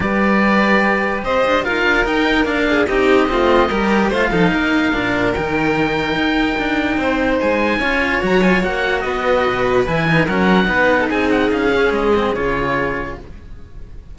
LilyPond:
<<
  \new Staff \with { instrumentName = "oboe" } { \time 4/4 \tempo 4 = 146 d''2. dis''4 | f''4 g''4 f''4 dis''4~ | dis''2 f''2~ | f''4 g''2.~ |
g''2 gis''2 | ais''8 gis''8 fis''4 dis''2 | gis''4 fis''2 gis''8 fis''8 | f''4 dis''4 cis''2 | }
  \new Staff \with { instrumentName = "violin" } { \time 4/4 b'2. c''4 | ais'2~ ais'8 gis'8 g'4 | f'4 ais'4 c''8 a'8 ais'4~ | ais'1~ |
ais'4 c''2 cis''4~ | cis''2 b'2~ | b'4 ais'4 b'8. a'16 gis'4~ | gis'1 | }
  \new Staff \with { instrumentName = "cello" } { \time 4/4 g'1 | f'4 dis'4 d'4 dis'4 | c'4 g'4 f'8 dis'4. | d'4 dis'2.~ |
dis'2. f'4 | fis'8 f'8 fis'2. | e'8 dis'8 cis'4 dis'2~ | dis'8 cis'4 c'8 f'2 | }
  \new Staff \with { instrumentName = "cello" } { \time 4/4 g2. c'8 d'8 | dis'8 d'8 dis'4 ais4 c'4 | a4 g4 a8 f8 ais4 | ais,4 dis2 dis'4 |
d'4 c'4 gis4 cis'4 | fis4 ais4 b4 b,4 | e4 fis4 b4 c'4 | cis'4 gis4 cis2 | }
>>